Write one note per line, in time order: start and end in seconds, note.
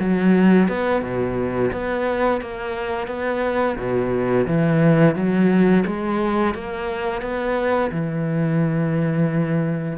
0.00 0.69 F#3
0.69 1.02 B3
1.02 1.71 B2
1.72 2.41 B3
2.41 3.08 A#3
3.08 3.76 B3
3.78 4.47 B2
4.47 5.15 E3
5.15 5.84 F#3
5.87 6.55 G#3
6.55 7.22 A#3
7.22 7.91 B3
7.92 9.98 E3